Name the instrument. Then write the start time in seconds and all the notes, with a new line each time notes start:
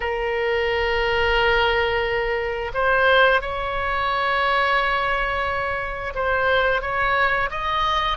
oboe
0.00 A#4
2.74 C5
3.41 C#5
6.14 C5
6.81 C#5
7.50 D#5